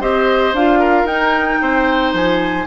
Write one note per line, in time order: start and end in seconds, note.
0.00 0.53 C4
0.00 0.54 G4
0.00 0.79 C5
0.00 0.54 D#5
0.53 1.03 D4
0.53 1.08 F4
0.53 1.06 F5
0.79 1.59 A#4
1.03 1.57 D#4
1.03 2.66 D#4
1.03 2.12 G5
1.61 2.13 C4
1.61 2.66 C5
2.13 2.66 F3
2.13 2.66 G#5